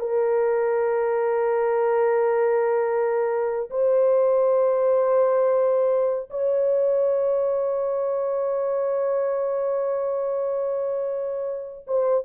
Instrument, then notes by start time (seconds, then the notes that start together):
horn
0.00 A#4
3.71 C5
6.30 C#5
11.88 C5